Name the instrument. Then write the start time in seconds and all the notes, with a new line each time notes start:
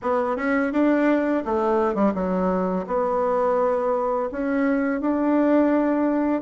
bassoon
0.02 B3
0.36 C#4
0.72 D4
1.44 A3
1.94 G3
2.14 F#3
2.86 B3
4.31 C#4
5.00 D4